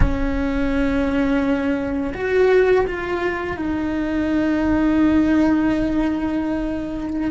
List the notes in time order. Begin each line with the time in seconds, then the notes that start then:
0.00 C#4
2.14 F#4
2.86 F4
3.56 D#4